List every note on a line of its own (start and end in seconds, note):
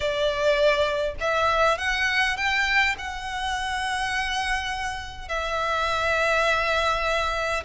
0.00 1.14 D5
1.20 1.78 E5
1.78 2.36 F#5
2.36 2.95 G5
2.98 5.28 F#5
5.28 7.63 E5